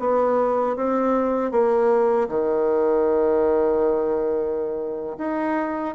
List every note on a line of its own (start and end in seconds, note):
0.00 0.77 B3
0.77 1.52 C4
1.52 2.29 A#3
2.29 5.17 D#3
5.18 5.95 D#4